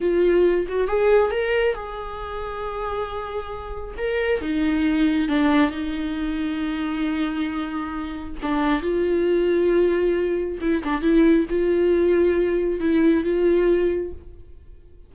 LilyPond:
\new Staff \with { instrumentName = "viola" } { \time 4/4 \tempo 4 = 136 f'4. fis'8 gis'4 ais'4 | gis'1~ | gis'4 ais'4 dis'2 | d'4 dis'2.~ |
dis'2. d'4 | f'1 | e'8 d'8 e'4 f'2~ | f'4 e'4 f'2 | }